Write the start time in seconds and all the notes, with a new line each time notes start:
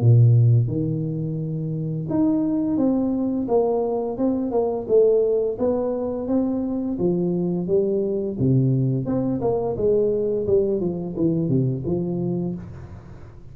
0.00 A#2
0.67 D#3
2.09 D#4
2.77 C4
3.48 A#3
4.17 C4
4.51 A#3
4.87 A3
5.58 B3
6.27 C4
6.98 F3
7.67 G3
8.39 C3
9.05 C4
9.41 A#3
9.76 G#3
10.46 G3
10.80 F3
11.16 E3
11.48 C3
11.85 F3